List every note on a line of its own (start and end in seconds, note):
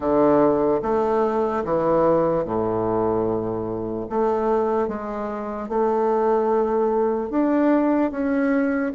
0.00 0.81 D3
0.82 1.63 A3
1.64 2.44 E3
2.44 4.07 A2
4.09 4.88 A3
4.88 5.68 G#3
5.68 7.30 A3
7.30 8.11 D4
8.11 8.92 C#4